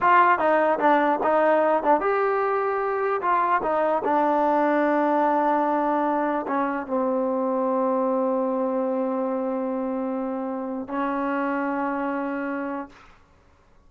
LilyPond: \new Staff \with { instrumentName = "trombone" } { \time 4/4 \tempo 4 = 149 f'4 dis'4 d'4 dis'4~ | dis'8 d'8 g'2. | f'4 dis'4 d'2~ | d'1 |
cis'4 c'2.~ | c'1~ | c'2. cis'4~ | cis'1 | }